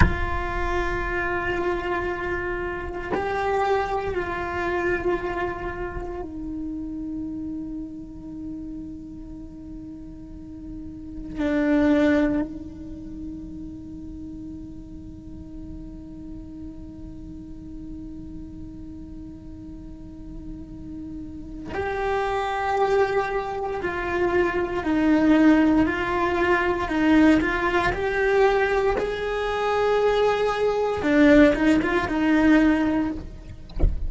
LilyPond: \new Staff \with { instrumentName = "cello" } { \time 4/4 \tempo 4 = 58 f'2. g'4 | f'2 dis'2~ | dis'2. d'4 | dis'1~ |
dis'1~ | dis'4 g'2 f'4 | dis'4 f'4 dis'8 f'8 g'4 | gis'2 d'8 dis'16 f'16 dis'4 | }